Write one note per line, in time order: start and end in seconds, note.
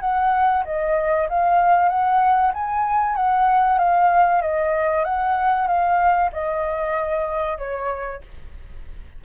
0.00 0.63 F#5
0.64 1.27 D#5
1.28 1.88 F5
1.88 2.51 F#5
2.53 3.15 G#5
3.15 3.78 F#5
3.78 4.41 F5
4.41 5.04 D#5
5.04 5.67 F#5
5.67 6.30 F5
6.32 7.58 D#5
7.58 8.21 C#5